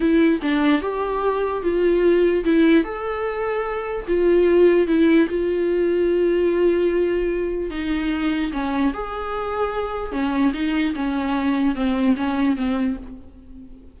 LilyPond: \new Staff \with { instrumentName = "viola" } { \time 4/4 \tempo 4 = 148 e'4 d'4 g'2 | f'2 e'4 a'4~ | a'2 f'2 | e'4 f'2.~ |
f'2. dis'4~ | dis'4 cis'4 gis'2~ | gis'4 cis'4 dis'4 cis'4~ | cis'4 c'4 cis'4 c'4 | }